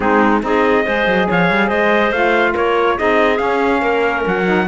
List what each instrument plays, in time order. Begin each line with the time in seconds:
0.00 cello G#3, saxophone C4, clarinet D#4, trumpet G#4
0.41 cello C4, saxophone D#4, clarinet G#4, trumpet D#5
0.85 cello G#3, saxophone G#4, clarinet C5
1.06 cello F#3
1.28 cello F3, clarinet C#5, trumpet F5
1.50 cello G3
1.67 cello G#3, clarinet C5, trumpet D#5
2.11 cello A3, saxophone F4, trumpet F5
2.52 cello A#3, clarinet A#4, trumpet C#5
2.97 cello C4, saxophone D#4, clarinet G#4, trumpet D#5
3.36 saxophone C#4, cello C#4, trumpet F5
3.80 cello A#3, clarinet A#4
4.26 cello F#3, trumpet F#5
4.45 saxophone D#4